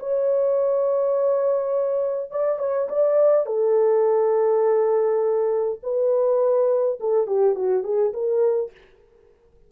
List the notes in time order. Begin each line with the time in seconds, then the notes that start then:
0.00 C#5
2.31 D5
2.59 C#5
2.89 D5
3.47 A4
5.83 B4
7.01 A4
7.27 G4
7.56 F#4
7.84 G#4
8.13 A#4